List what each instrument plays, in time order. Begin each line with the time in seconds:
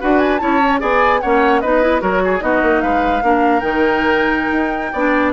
0.00 bassoon D4, clarinet F#4, oboe B4, flute F#5
0.18 flute G#5
0.38 bassoon C#4, clarinet E4, oboe C#5, flute A5
0.62 clarinet C#4
0.80 bassoon B3, clarinet G#4, oboe D5, flute G#5
1.20 bassoon A#3, clarinet C#4, oboe C#5, flute F#5
1.60 bassoon B3, clarinet D#4, oboe B4, flute D#5
1.81 clarinet E4
2.00 bassoon F#3, clarinet F#4, oboe A#4, flute C#5
2.24 oboe G#4
2.40 bassoon B3, clarinet D#4, oboe F#4, flute D#5
2.62 bassoon A#3
2.81 bassoon G#3, oboe B4, flute F5
3.22 bassoon A#3, clarinet D4, oboe A#4
3.60 bassoon D#3, clarinet D#4, flute G5
4.52 bassoon D#4
4.92 bassoon B3, clarinet D4, oboe D5